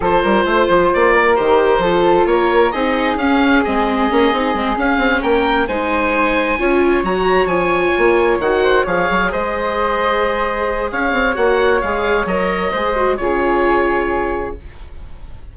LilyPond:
<<
  \new Staff \with { instrumentName = "oboe" } { \time 4/4 \tempo 4 = 132 c''2 d''4 c''4~ | c''4 cis''4 dis''4 f''4 | dis''2~ dis''8 f''4 g''8~ | g''8 gis''2. ais''8~ |
ais''8 gis''2 fis''4 f''8~ | f''8 dis''2.~ dis''8 | f''4 fis''4 f''4 dis''4~ | dis''4 cis''2. | }
  \new Staff \with { instrumentName = "flute" } { \time 4/4 a'8 ais'8 c''4. ais'4. | a'4 ais'4 gis'2~ | gis'2.~ gis'8 ais'8~ | ais'8 c''2 cis''4.~ |
cis''2. c''8 cis''8~ | cis''8 c''2.~ c''8 | cis''1 | c''4 gis'2. | }
  \new Staff \with { instrumentName = "viola" } { \time 4/4 f'2. g'4 | f'2 dis'4 cis'4 | c'4 cis'8 dis'8 c'8 cis'4.~ | cis'8 dis'2 f'4 fis'8~ |
fis'8 f'2 fis'4 gis'8~ | gis'1~ | gis'4 fis'4 gis'4 ais'4 | gis'8 fis'8 f'2. | }
  \new Staff \with { instrumentName = "bassoon" } { \time 4/4 f8 g8 a8 f8 ais4 dis4 | f4 ais4 c'4 cis'4 | gis4 ais8 c'8 gis8 cis'8 c'8 ais8~ | ais8 gis2 cis'4 fis8~ |
fis8 f4 ais4 dis4 f8 | fis8 gis2.~ gis8 | cis'8 c'8 ais4 gis4 fis4 | gis4 cis2. | }
>>